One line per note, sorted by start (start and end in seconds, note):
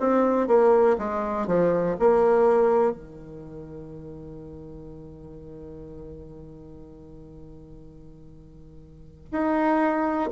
0.00 0.47 C4
0.47 0.97 A#3
0.98 1.47 G#3
1.47 1.96 F3
1.99 2.92 A#3
2.92 9.31 D#3
9.32 10.31 D#4